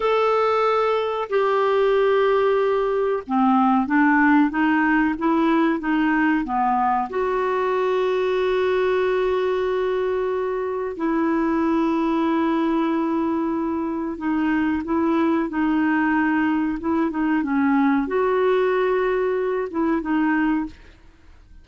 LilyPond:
\new Staff \with { instrumentName = "clarinet" } { \time 4/4 \tempo 4 = 93 a'2 g'2~ | g'4 c'4 d'4 dis'4 | e'4 dis'4 b4 fis'4~ | fis'1~ |
fis'4 e'2.~ | e'2 dis'4 e'4 | dis'2 e'8 dis'8 cis'4 | fis'2~ fis'8 e'8 dis'4 | }